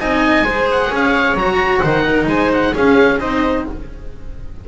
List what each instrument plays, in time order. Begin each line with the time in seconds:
0.00 double bass C4, cello D#4, viola D#5, oboe G#5
0.42 double bass G#3, cello G#4, viola C5
0.72 oboe F#5
0.89 double bass C#4, viola C#5, oboe F5
1.34 double bass F#3, cello F#4, oboe A#5
1.79 double bass D#3, cello D#4, viola C5, oboe F#5
2.08 viola A#4
2.27 double bass G#3, viola C5, oboe G#5
2.53 oboe F#5
2.73 cello C#4, double bass C#4, viola G#4, oboe F5
3.20 double bass C4, cello D#4, viola C5, oboe D#5